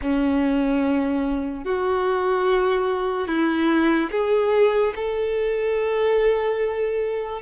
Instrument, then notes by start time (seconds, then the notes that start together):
violin
0.01 C#4
1.64 F#4
3.27 E4
4.11 G#4
4.95 A4